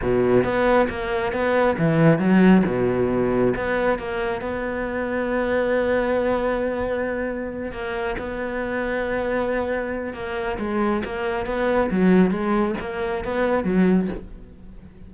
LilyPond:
\new Staff \with { instrumentName = "cello" } { \time 4/4 \tempo 4 = 136 b,4 b4 ais4 b4 | e4 fis4 b,2 | b4 ais4 b2~ | b1~ |
b4. ais4 b4.~ | b2. ais4 | gis4 ais4 b4 fis4 | gis4 ais4 b4 fis4 | }